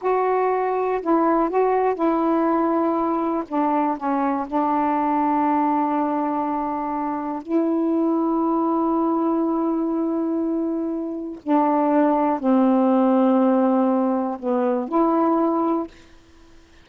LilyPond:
\new Staff \with { instrumentName = "saxophone" } { \time 4/4 \tempo 4 = 121 fis'2 e'4 fis'4 | e'2. d'4 | cis'4 d'2.~ | d'2. e'4~ |
e'1~ | e'2. d'4~ | d'4 c'2.~ | c'4 b4 e'2 | }